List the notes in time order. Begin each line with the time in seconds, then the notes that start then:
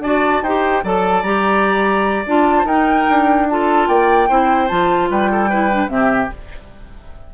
0.00 D4 F#4 D5 A5
0.42 D#4 G4 C5 G5
0.84 F#3 A4 D5 A5
1.23 G3 G4 A#5
2.27 D4 F4 A5
2.58 C5
2.65 D#4 A#4 G5
3.09 D4
3.49 F4 A4 A5
3.88 A#3 D5 G5
4.29 C4 E4 C5
4.68 F3 F4 A5
5.10 G3 B4 G5
5.31 A4
5.50 E4 B4
5.72 D4
5.88 C3 C4 G4 E5